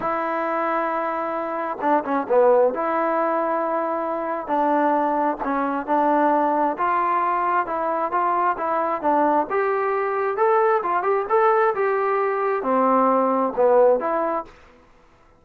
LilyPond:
\new Staff \with { instrumentName = "trombone" } { \time 4/4 \tempo 4 = 133 e'1 | d'8 cis'8 b4 e'2~ | e'2 d'2 | cis'4 d'2 f'4~ |
f'4 e'4 f'4 e'4 | d'4 g'2 a'4 | f'8 g'8 a'4 g'2 | c'2 b4 e'4 | }